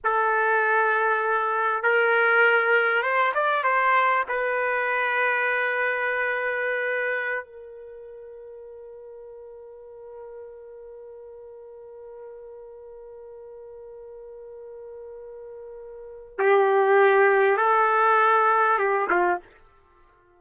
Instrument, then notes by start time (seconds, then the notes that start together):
trumpet
0.03 A4
1.82 A#4
3.02 C5
3.34 D5
3.63 C5
4.28 B4
7.44 A#4
16.38 G4
17.57 A4
18.78 G4
19.10 F4